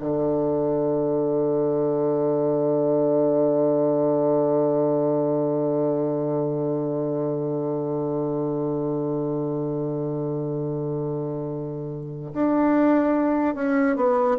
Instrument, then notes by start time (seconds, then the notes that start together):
bassoon
0.00 D3
12.33 D4
13.55 C#4
13.96 B3